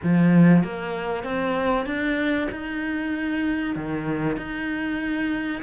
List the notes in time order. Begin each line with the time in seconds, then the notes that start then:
0.03 F3
0.63 A#3
1.23 C4
1.86 D4
2.51 D#4
3.75 D#3
4.37 D#4